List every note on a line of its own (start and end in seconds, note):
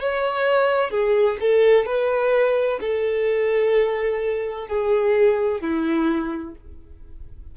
0.00 0.90 C#5
0.90 1.37 G#4
1.40 1.85 A4
1.85 2.79 B4
2.80 4.67 A4
4.67 5.61 G#4
5.61 6.55 E4